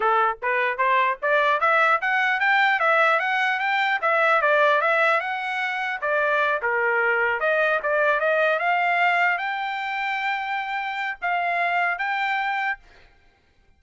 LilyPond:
\new Staff \with { instrumentName = "trumpet" } { \time 4/4 \tempo 4 = 150 a'4 b'4 c''4 d''4 | e''4 fis''4 g''4 e''4 | fis''4 g''4 e''4 d''4 | e''4 fis''2 d''4~ |
d''8 ais'2 dis''4 d''8~ | d''8 dis''4 f''2 g''8~ | g''1 | f''2 g''2 | }